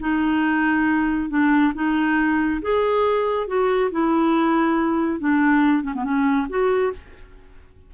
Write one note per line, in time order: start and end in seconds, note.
0.00 1.29 D#4
1.29 1.72 D4
1.74 2.61 D#4
2.62 3.47 G#4
3.47 3.90 F#4
3.91 5.20 E4
5.20 5.83 D4
5.83 5.93 C#4
5.94 6.04 B3
6.04 6.47 C#4
6.49 6.92 F#4